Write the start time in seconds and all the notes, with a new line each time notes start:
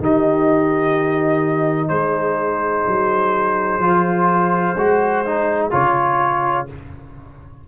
0.00 D#3 D#4 G4 D#5
1.89 G#3 G#4 C5
2.87 F#3
3.79 F3 F4
4.76 G#3 F#4
5.26 D#4
5.71 C#3 F4 C#5